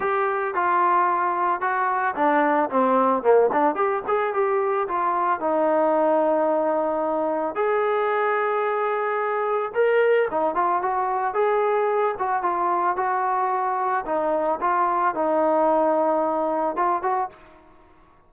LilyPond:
\new Staff \with { instrumentName = "trombone" } { \time 4/4 \tempo 4 = 111 g'4 f'2 fis'4 | d'4 c'4 ais8 d'8 g'8 gis'8 | g'4 f'4 dis'2~ | dis'2 gis'2~ |
gis'2 ais'4 dis'8 f'8 | fis'4 gis'4. fis'8 f'4 | fis'2 dis'4 f'4 | dis'2. f'8 fis'8 | }